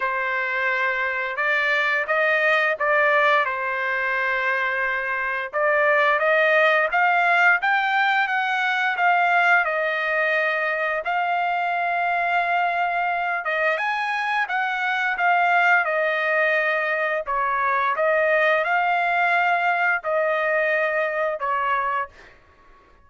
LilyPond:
\new Staff \with { instrumentName = "trumpet" } { \time 4/4 \tempo 4 = 87 c''2 d''4 dis''4 | d''4 c''2. | d''4 dis''4 f''4 g''4 | fis''4 f''4 dis''2 |
f''2.~ f''8 dis''8 | gis''4 fis''4 f''4 dis''4~ | dis''4 cis''4 dis''4 f''4~ | f''4 dis''2 cis''4 | }